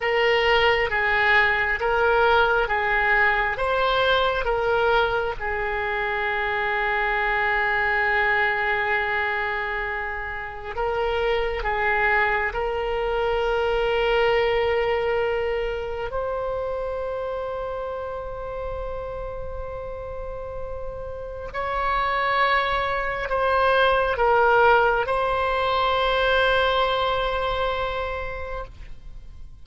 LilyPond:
\new Staff \with { instrumentName = "oboe" } { \time 4/4 \tempo 4 = 67 ais'4 gis'4 ais'4 gis'4 | c''4 ais'4 gis'2~ | gis'1 | ais'4 gis'4 ais'2~ |
ais'2 c''2~ | c''1 | cis''2 c''4 ais'4 | c''1 | }